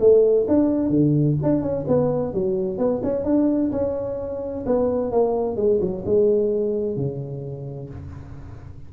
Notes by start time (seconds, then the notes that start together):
0.00 A3
0.48 D4
0.89 D3
1.43 D4
1.62 C#4
1.88 B3
2.33 F#3
2.78 B3
3.03 C#4
3.25 D4
3.71 C#4
4.66 B3
5.12 A#3
5.56 G#3
5.81 F#3
6.05 G#3
6.96 C#3